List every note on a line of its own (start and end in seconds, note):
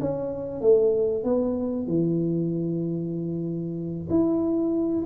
0.00 0.61 C#4
0.61 1.23 A3
1.23 1.87 B3
1.87 4.08 E3
4.10 5.05 E4